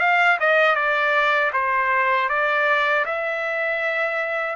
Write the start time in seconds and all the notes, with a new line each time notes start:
0.00 F5
0.40 D#5
0.76 D5
1.53 C5
2.30 D5
3.06 E5